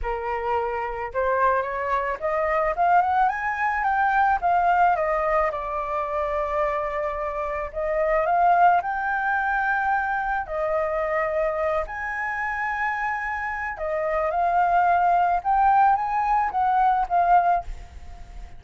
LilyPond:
\new Staff \with { instrumentName = "flute" } { \time 4/4 \tempo 4 = 109 ais'2 c''4 cis''4 | dis''4 f''8 fis''8 gis''4 g''4 | f''4 dis''4 d''2~ | d''2 dis''4 f''4 |
g''2. dis''4~ | dis''4. gis''2~ gis''8~ | gis''4 dis''4 f''2 | g''4 gis''4 fis''4 f''4 | }